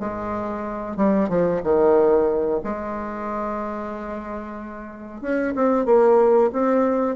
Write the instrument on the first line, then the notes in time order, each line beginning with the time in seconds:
bassoon
0.00 G#3
0.97 G3
1.29 F3
1.64 D#3
2.64 G#3
5.22 C#4
5.56 C4
5.86 A#3
6.53 C4